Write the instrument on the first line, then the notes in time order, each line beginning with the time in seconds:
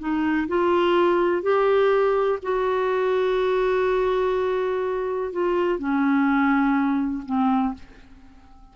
clarinet
0.00 D#4
0.48 F4
1.43 G4
2.43 F#4
5.33 F4
5.79 C#4
7.26 C4